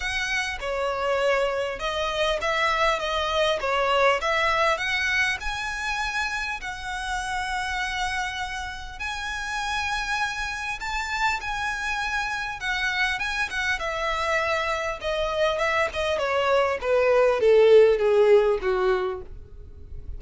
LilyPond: \new Staff \with { instrumentName = "violin" } { \time 4/4 \tempo 4 = 100 fis''4 cis''2 dis''4 | e''4 dis''4 cis''4 e''4 | fis''4 gis''2 fis''4~ | fis''2. gis''4~ |
gis''2 a''4 gis''4~ | gis''4 fis''4 gis''8 fis''8 e''4~ | e''4 dis''4 e''8 dis''8 cis''4 | b'4 a'4 gis'4 fis'4 | }